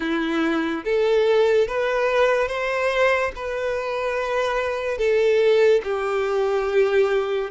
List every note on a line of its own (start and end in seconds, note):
0.00 0.83 E4
0.84 1.67 A4
1.67 2.48 B4
2.48 3.31 C5
3.35 4.98 B4
4.98 5.81 A4
5.83 7.50 G4